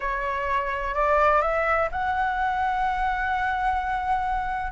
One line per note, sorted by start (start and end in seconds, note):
0.00 0.94 C#5
0.94 1.41 D5
1.41 1.88 E5
1.91 4.71 F#5